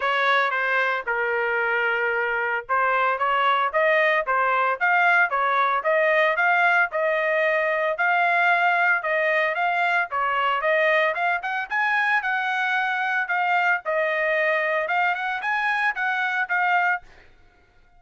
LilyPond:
\new Staff \with { instrumentName = "trumpet" } { \time 4/4 \tempo 4 = 113 cis''4 c''4 ais'2~ | ais'4 c''4 cis''4 dis''4 | c''4 f''4 cis''4 dis''4 | f''4 dis''2 f''4~ |
f''4 dis''4 f''4 cis''4 | dis''4 f''8 fis''8 gis''4 fis''4~ | fis''4 f''4 dis''2 | f''8 fis''8 gis''4 fis''4 f''4 | }